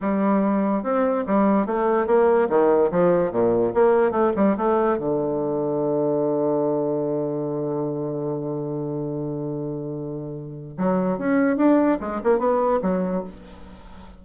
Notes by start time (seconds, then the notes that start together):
0.00 G3
0.83 C4
1.26 G3
1.66 A3
2.07 A#3
2.49 D#3
2.91 F3
3.31 A#2
3.74 A#3
4.11 A3
4.35 G3
4.57 A3
4.97 D3
10.77 F#3
11.18 C#4
11.56 D4
12.00 G#3
12.23 A#3
12.38 B3
12.82 F#3